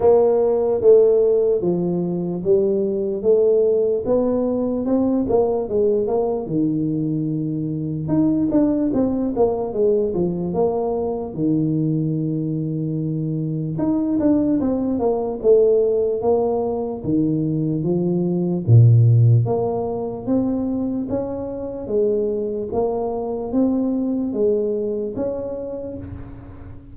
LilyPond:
\new Staff \with { instrumentName = "tuba" } { \time 4/4 \tempo 4 = 74 ais4 a4 f4 g4 | a4 b4 c'8 ais8 gis8 ais8 | dis2 dis'8 d'8 c'8 ais8 | gis8 f8 ais4 dis2~ |
dis4 dis'8 d'8 c'8 ais8 a4 | ais4 dis4 f4 ais,4 | ais4 c'4 cis'4 gis4 | ais4 c'4 gis4 cis'4 | }